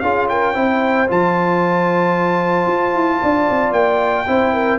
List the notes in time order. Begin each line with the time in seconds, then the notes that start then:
0.00 C#4 F4 G#4 F5
0.29 A#4 G5
0.53 C4 E4 C5
1.08 F3 F4 A5
2.67 F4
2.93 E4
3.22 D4 D5
3.50 C4
3.72 A#3 G5
4.27 C4 E4 C5
4.54 A#4